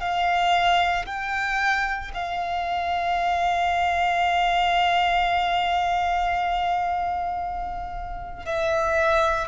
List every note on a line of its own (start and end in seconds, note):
0.00 1.05 F5
1.06 2.11 G5
2.14 8.45 F5
8.45 9.48 E5